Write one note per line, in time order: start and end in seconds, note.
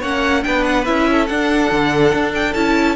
0.00 0.45 A#3
0.00 0.43 C#4
0.00 0.42 C#5
0.00 0.44 F#5
0.43 0.88 B3
0.43 0.85 D4
0.43 1.10 B4
0.43 0.64 G5
0.64 0.85 F#5
0.85 1.30 C#4
0.85 1.28 E4
0.85 1.27 E5
1.11 2.96 A4
1.27 2.55 D4
1.27 1.72 D4
1.27 2.32 F#5
1.72 2.13 D3
2.14 2.55 D4
2.35 2.54 G5
2.54 2.96 C#4
2.54 2.96 E4
2.54 2.96 A5